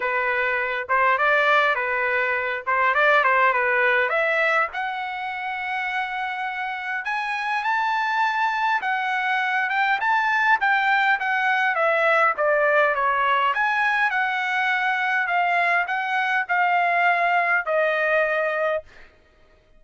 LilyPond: \new Staff \with { instrumentName = "trumpet" } { \time 4/4 \tempo 4 = 102 b'4. c''8 d''4 b'4~ | b'8 c''8 d''8 c''8 b'4 e''4 | fis''1 | gis''4 a''2 fis''4~ |
fis''8 g''8 a''4 g''4 fis''4 | e''4 d''4 cis''4 gis''4 | fis''2 f''4 fis''4 | f''2 dis''2 | }